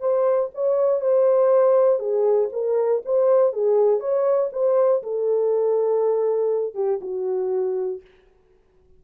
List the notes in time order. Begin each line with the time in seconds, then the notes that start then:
0.00 C5
0.55 C#5
1.01 C5
1.99 G#4
2.52 A#4
3.05 C5
3.53 G#4
4.00 C#5
4.52 C5
5.03 A4
6.75 G4
7.01 F#4